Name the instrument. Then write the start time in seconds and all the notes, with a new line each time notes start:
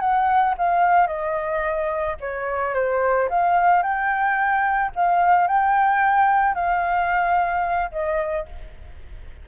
flute
0.00 F#5
0.58 F5
1.07 D#5
2.20 C#5
2.74 C5
3.30 F5
3.83 G5
4.95 F5
5.47 G5
6.55 F5
7.91 D#5